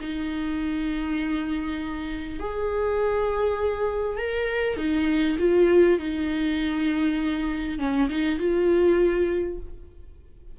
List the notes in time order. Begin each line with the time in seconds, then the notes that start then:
0.00 D#4
2.39 G#4
4.18 A#4
4.76 D#4
5.38 F4
5.98 D#4
7.79 C#4
8.09 D#4
8.39 F4